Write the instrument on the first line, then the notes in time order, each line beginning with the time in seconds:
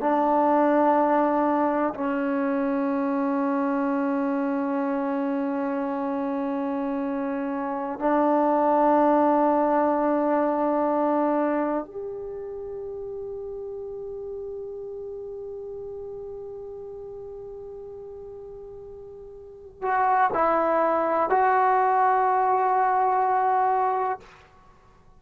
trombone
0.00 D4
1.94 C#4
7.99 D4
11.85 G4
19.82 F#4
20.33 E4
21.29 F#4